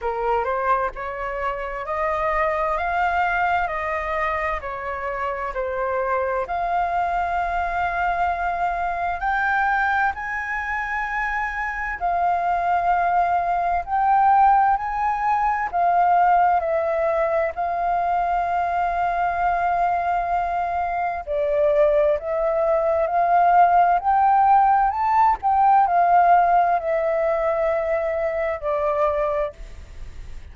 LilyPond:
\new Staff \with { instrumentName = "flute" } { \time 4/4 \tempo 4 = 65 ais'8 c''8 cis''4 dis''4 f''4 | dis''4 cis''4 c''4 f''4~ | f''2 g''4 gis''4~ | gis''4 f''2 g''4 |
gis''4 f''4 e''4 f''4~ | f''2. d''4 | e''4 f''4 g''4 a''8 g''8 | f''4 e''2 d''4 | }